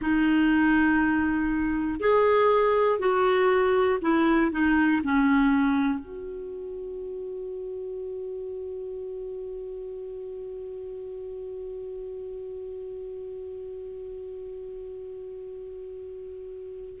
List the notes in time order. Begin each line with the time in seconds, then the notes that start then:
0.00 D#4
2.00 G#4
2.99 F#4
4.01 E4
4.51 D#4
5.03 C#4
5.99 F#4